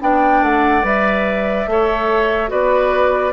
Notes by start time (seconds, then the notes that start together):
0.00 B3 D4 D5 G5
0.42 A3 F#5
0.83 G3 B4 E5
1.67 A3 A4 C#5
2.48 B3 F#4 B4 D5